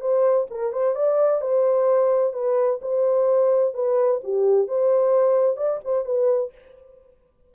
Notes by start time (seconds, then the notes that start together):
0.00 C5
0.50 A#4
0.72 C5
0.95 D5
1.41 C5
2.33 B4
2.81 C5
3.74 B4
4.23 G4
4.67 C5
5.57 D5
5.84 C5
6.05 B4